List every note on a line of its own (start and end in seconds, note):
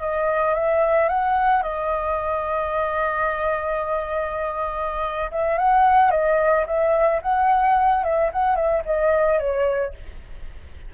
0.00 0.54 D#5
0.54 1.08 E5
1.08 1.62 F#5
1.62 5.30 D#5
5.31 5.57 E5
5.57 6.10 F#5
6.10 6.65 D#5
6.66 7.20 E5
7.22 8.03 F#5
8.03 8.30 E5
8.32 8.55 F#5
8.55 8.82 E5
8.85 9.39 D#5
9.39 9.93 C#5